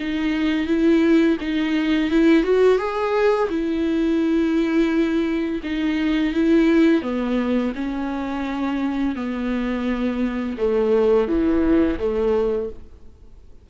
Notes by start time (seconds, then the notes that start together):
0.00 D#4
0.67 E4
1.41 D#4
2.11 E4
2.44 F#4
2.78 G#4
3.50 E4
5.64 D#4
6.34 E4
7.03 B3
7.76 C#4
9.16 B3
10.58 A3
11.28 E3
11.99 A3